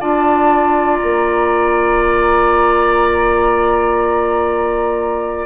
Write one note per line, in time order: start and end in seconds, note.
0.00 1.01 D4
0.00 5.46 F4
0.00 5.46 D5
0.00 0.96 A5
0.96 5.46 A#5
1.03 5.46 A#3